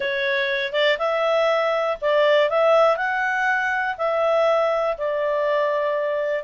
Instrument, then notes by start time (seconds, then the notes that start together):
clarinet
0.00 C#5
0.72 D5
0.98 E5
2.01 D5
2.49 E5
2.96 F#5
3.97 E5
4.97 D5